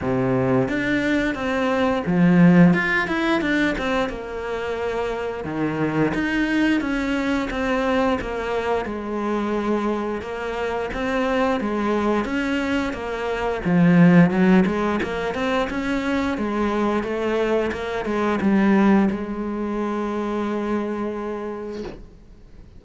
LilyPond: \new Staff \with { instrumentName = "cello" } { \time 4/4 \tempo 4 = 88 c4 d'4 c'4 f4 | f'8 e'8 d'8 c'8 ais2 | dis4 dis'4 cis'4 c'4 | ais4 gis2 ais4 |
c'4 gis4 cis'4 ais4 | f4 fis8 gis8 ais8 c'8 cis'4 | gis4 a4 ais8 gis8 g4 | gis1 | }